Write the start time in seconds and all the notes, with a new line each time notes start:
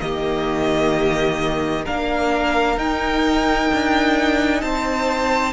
0.00 D#3 A#3 G4 D#5
1.85 A#3 D4 A#4 F5
2.77 D#4 G5
3.74 D4
4.62 C4 C5 A5